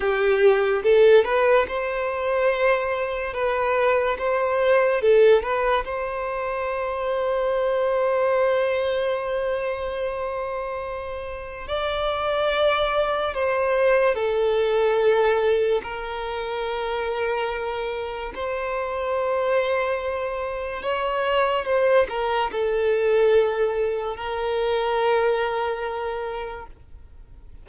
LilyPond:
\new Staff \with { instrumentName = "violin" } { \time 4/4 \tempo 4 = 72 g'4 a'8 b'8 c''2 | b'4 c''4 a'8 b'8 c''4~ | c''1~ | c''2 d''2 |
c''4 a'2 ais'4~ | ais'2 c''2~ | c''4 cis''4 c''8 ais'8 a'4~ | a'4 ais'2. | }